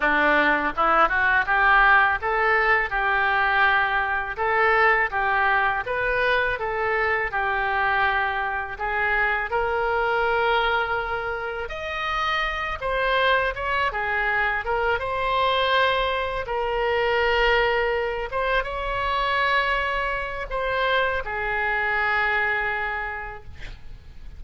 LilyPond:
\new Staff \with { instrumentName = "oboe" } { \time 4/4 \tempo 4 = 82 d'4 e'8 fis'8 g'4 a'4 | g'2 a'4 g'4 | b'4 a'4 g'2 | gis'4 ais'2. |
dis''4. c''4 cis''8 gis'4 | ais'8 c''2 ais'4.~ | ais'4 c''8 cis''2~ cis''8 | c''4 gis'2. | }